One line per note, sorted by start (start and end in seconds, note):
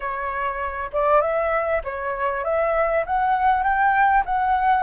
0.00 0.90 C#5
0.92 1.21 D5
1.21 1.82 E5
1.83 2.44 C#5
2.44 3.05 E5
3.06 3.63 F#5
3.63 4.23 G5
4.25 4.83 F#5